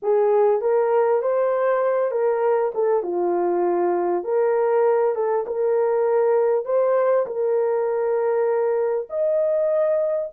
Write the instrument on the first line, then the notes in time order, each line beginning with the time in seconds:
horn
0.02 G#4
0.61 A#4
1.22 C5
2.11 A#4
2.74 A4
3.02 F4
4.24 A#4
5.15 A4
5.46 A#4
6.65 C5
7.26 A#4
9.09 D#5